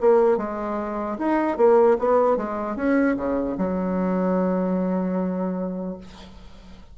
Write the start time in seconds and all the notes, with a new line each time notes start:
0.00 A#3
0.37 G#3
1.18 D#4
1.57 A#3
1.99 B3
2.36 G#3
2.76 C#4
3.16 C#3
3.57 F#3